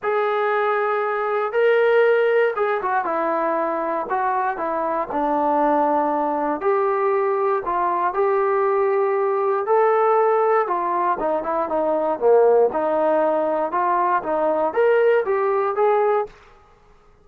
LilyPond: \new Staff \with { instrumentName = "trombone" } { \time 4/4 \tempo 4 = 118 gis'2. ais'4~ | ais'4 gis'8 fis'8 e'2 | fis'4 e'4 d'2~ | d'4 g'2 f'4 |
g'2. a'4~ | a'4 f'4 dis'8 e'8 dis'4 | ais4 dis'2 f'4 | dis'4 ais'4 g'4 gis'4 | }